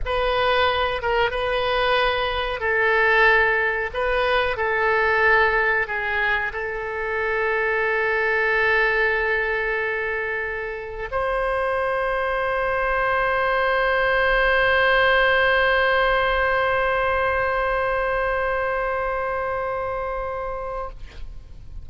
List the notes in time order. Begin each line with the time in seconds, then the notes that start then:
0.05 B4
1.02 A#4
1.30 B4
2.59 A4
3.93 B4
4.56 A4
5.87 G#4
6.52 A4
11.11 C5